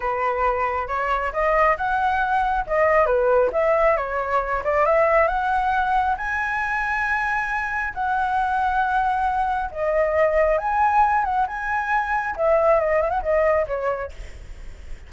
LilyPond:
\new Staff \with { instrumentName = "flute" } { \time 4/4 \tempo 4 = 136 b'2 cis''4 dis''4 | fis''2 dis''4 b'4 | e''4 cis''4. d''8 e''4 | fis''2 gis''2~ |
gis''2 fis''2~ | fis''2 dis''2 | gis''4. fis''8 gis''2 | e''4 dis''8 e''16 fis''16 dis''4 cis''4 | }